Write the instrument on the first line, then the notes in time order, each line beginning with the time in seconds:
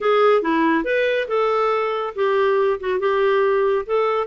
clarinet
0.00 G#4
0.41 E4
0.84 B4
1.28 A4
2.15 G4
2.80 F#4
2.99 G4
3.86 A4